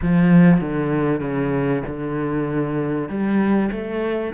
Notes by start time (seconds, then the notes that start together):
0.02 F3
0.60 D3
1.21 C#3
1.87 D3
3.08 G3
3.71 A3